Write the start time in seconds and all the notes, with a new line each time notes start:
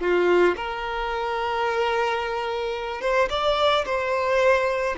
0.00 F4
0.56 A#4
3.01 C5
3.30 D5
3.86 C5